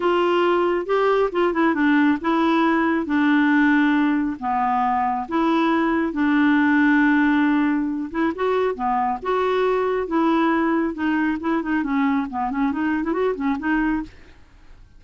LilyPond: \new Staff \with { instrumentName = "clarinet" } { \time 4/4 \tempo 4 = 137 f'2 g'4 f'8 e'8 | d'4 e'2 d'4~ | d'2 b2 | e'2 d'2~ |
d'2~ d'8 e'8 fis'4 | b4 fis'2 e'4~ | e'4 dis'4 e'8 dis'8 cis'4 | b8 cis'8 dis'8. e'16 fis'8 cis'8 dis'4 | }